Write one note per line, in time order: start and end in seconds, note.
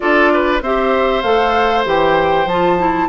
0.00 0.61 D4
0.00 0.61 F4
0.00 0.32 A4
0.00 0.60 D5
0.33 0.62 B4
0.61 1.23 C4
0.61 1.23 G4
0.61 3.09 C5
0.61 1.22 E5
1.22 1.85 A3
1.22 1.84 A4
1.22 1.84 F5
1.84 2.45 E3
1.84 2.46 G4
1.84 2.48 G5
2.45 3.07 F3
2.45 2.78 F4
2.45 3.09 A5
2.78 3.09 E4